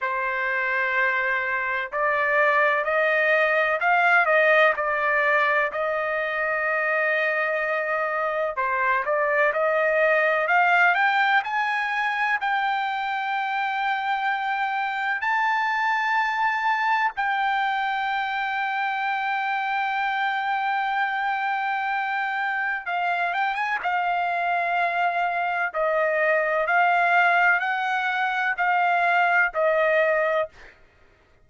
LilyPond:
\new Staff \with { instrumentName = "trumpet" } { \time 4/4 \tempo 4 = 63 c''2 d''4 dis''4 | f''8 dis''8 d''4 dis''2~ | dis''4 c''8 d''8 dis''4 f''8 g''8 | gis''4 g''2. |
a''2 g''2~ | g''1 | f''8 g''16 gis''16 f''2 dis''4 | f''4 fis''4 f''4 dis''4 | }